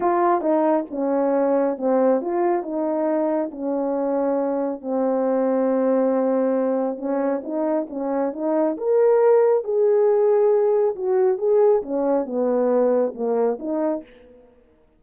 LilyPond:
\new Staff \with { instrumentName = "horn" } { \time 4/4 \tempo 4 = 137 f'4 dis'4 cis'2 | c'4 f'4 dis'2 | cis'2. c'4~ | c'1 |
cis'4 dis'4 cis'4 dis'4 | ais'2 gis'2~ | gis'4 fis'4 gis'4 cis'4 | b2 ais4 dis'4 | }